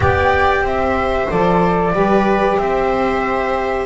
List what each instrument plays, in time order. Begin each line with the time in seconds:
0.00 double bass B3, saxophone G4, viola D5, flute G5
0.61 double bass C4, viola C5, flute E5
1.29 double bass F3, saxophone A4, flute D5
1.93 double bass G3, saxophone G4, viola B4
2.58 double bass C4, viola C5, flute E5